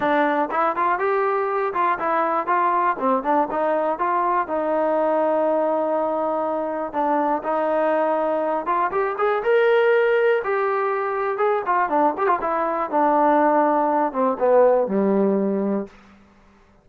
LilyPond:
\new Staff \with { instrumentName = "trombone" } { \time 4/4 \tempo 4 = 121 d'4 e'8 f'8 g'4. f'8 | e'4 f'4 c'8 d'8 dis'4 | f'4 dis'2.~ | dis'2 d'4 dis'4~ |
dis'4. f'8 g'8 gis'8 ais'4~ | ais'4 g'2 gis'8 f'8 | d'8 g'16 f'16 e'4 d'2~ | d'8 c'8 b4 g2 | }